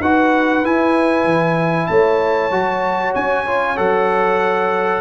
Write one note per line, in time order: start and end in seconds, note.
0.00 0.63 D#4
0.00 0.63 F#4
0.00 1.89 B4
0.00 0.65 F#5
0.63 1.24 E4
0.63 2.51 E4
0.63 1.86 G#5
1.24 1.87 E3
1.86 2.51 A3
1.86 5.01 C#5
1.86 3.12 A5
2.51 3.14 F#3
2.51 3.46 F#4
3.15 3.78 C#4
3.15 3.77 G#5
3.46 3.76 F4
3.76 5.01 F#3
3.76 5.01 A4
3.76 5.01 F#5